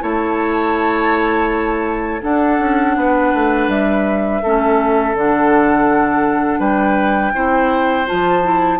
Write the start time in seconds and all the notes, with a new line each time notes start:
0.00 A3 E4 C#5 A5
2.22 D4 A4 F#5
2.59 C#4
2.96 B3 B4
3.34 A3
3.68 G3 E5
4.43 A3 C#4 A4
5.14 D3 D4 F#5
6.59 G3 B4 G5
7.34 C4 E4 C5
8.06 F3 F4 A5
8.43 E4